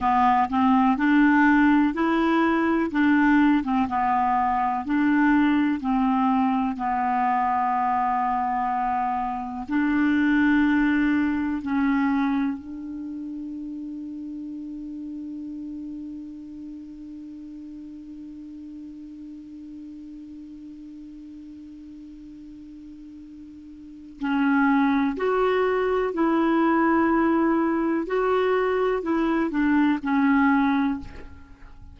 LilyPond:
\new Staff \with { instrumentName = "clarinet" } { \time 4/4 \tempo 4 = 62 b8 c'8 d'4 e'4 d'8. c'16 | b4 d'4 c'4 b4~ | b2 d'2 | cis'4 d'2.~ |
d'1~ | d'1~ | d'4 cis'4 fis'4 e'4~ | e'4 fis'4 e'8 d'8 cis'4 | }